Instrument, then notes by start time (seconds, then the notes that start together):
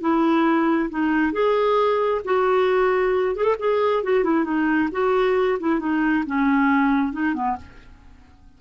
clarinet
0.00 E4
0.89 D#4
1.32 G#4
2.24 F#4
3.35 G#4
3.43 A4
3.59 G#4
4.03 F#4
4.23 E4
4.44 D#4
4.92 F#4
5.59 E4
5.79 D#4
6.26 C#4
7.12 D#4
7.34 B3